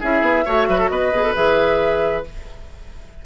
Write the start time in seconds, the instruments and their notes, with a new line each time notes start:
0.00 bassoon C#4, clarinet E4, oboe G#4, flute E5
0.21 bassoon B3
0.45 bassoon A3, clarinet F#4, oboe C#5
0.68 bassoon F#3, oboe B4
0.78 oboe A4
0.89 bassoon B3, oboe B4, flute D#5
1.12 bassoon B2, clarinet G#4
1.23 clarinet A4
1.35 bassoon E3, clarinet G#4, flute E5